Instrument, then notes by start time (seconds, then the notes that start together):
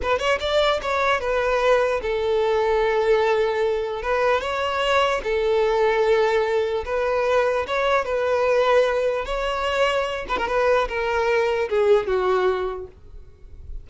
violin
0.02 B4
0.18 C#5
0.40 D5
0.82 C#5
1.20 B4
2.02 A4
4.02 B4
4.40 C#5
5.23 A4
6.85 B4
7.67 C#5
8.04 B4
9.25 C#5
10.28 B4
10.37 A#4
10.47 B4
10.88 A#4
11.69 G#4
12.06 F#4